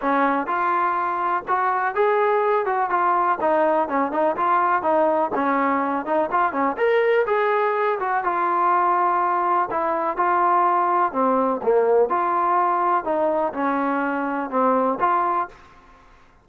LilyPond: \new Staff \with { instrumentName = "trombone" } { \time 4/4 \tempo 4 = 124 cis'4 f'2 fis'4 | gis'4. fis'8 f'4 dis'4 | cis'8 dis'8 f'4 dis'4 cis'4~ | cis'8 dis'8 f'8 cis'8 ais'4 gis'4~ |
gis'8 fis'8 f'2. | e'4 f'2 c'4 | ais4 f'2 dis'4 | cis'2 c'4 f'4 | }